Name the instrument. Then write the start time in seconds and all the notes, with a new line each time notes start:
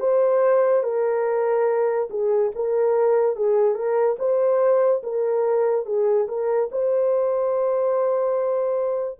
horn
0.00 C5
0.83 A#4
2.10 G#4
2.55 A#4
3.36 G#4
3.75 A#4
4.19 C5
5.03 A#4
5.86 G#4
6.28 A#4
6.72 C5